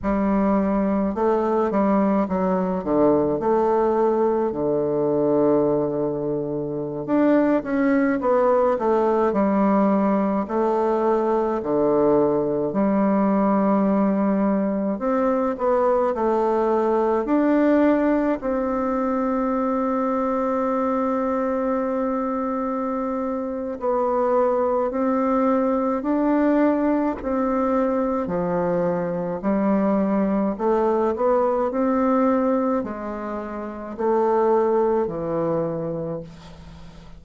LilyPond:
\new Staff \with { instrumentName = "bassoon" } { \time 4/4 \tempo 4 = 53 g4 a8 g8 fis8 d8 a4 | d2~ d16 d'8 cis'8 b8 a16~ | a16 g4 a4 d4 g8.~ | g4~ g16 c'8 b8 a4 d'8.~ |
d'16 c'2.~ c'8.~ | c'4 b4 c'4 d'4 | c'4 f4 g4 a8 b8 | c'4 gis4 a4 e4 | }